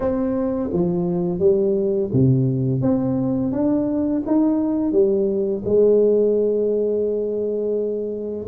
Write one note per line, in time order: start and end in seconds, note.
0.00 0.70 C4
0.72 1.39 F3
1.39 2.10 G3
2.12 2.81 C3
2.81 3.52 C4
3.52 4.22 D4
4.26 4.92 D#4
4.92 5.62 G3
5.64 8.47 G#3